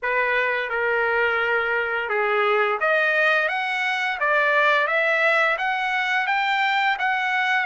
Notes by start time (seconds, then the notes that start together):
0.02 B4
0.69 A#4
2.09 G#4
2.80 D#5
3.48 F#5
4.20 D5
4.87 E5
5.58 F#5
6.27 G5
6.98 F#5